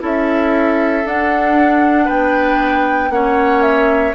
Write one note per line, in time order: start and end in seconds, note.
0.00 1.05 C#4
0.00 1.03 E4
0.00 2.05 A4
0.00 1.08 E5
1.04 3.11 D4
1.04 2.09 D4
1.04 2.09 F#5
2.05 3.10 B3
2.05 3.09 B4
2.05 3.11 G5
3.10 4.14 A#3
3.10 4.15 C#4
3.10 4.15 C#5
3.10 3.62 F#5
3.62 4.14 E5